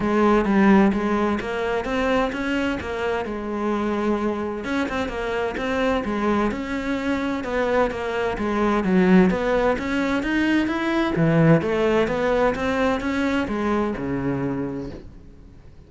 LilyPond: \new Staff \with { instrumentName = "cello" } { \time 4/4 \tempo 4 = 129 gis4 g4 gis4 ais4 | c'4 cis'4 ais4 gis4~ | gis2 cis'8 c'8 ais4 | c'4 gis4 cis'2 |
b4 ais4 gis4 fis4 | b4 cis'4 dis'4 e'4 | e4 a4 b4 c'4 | cis'4 gis4 cis2 | }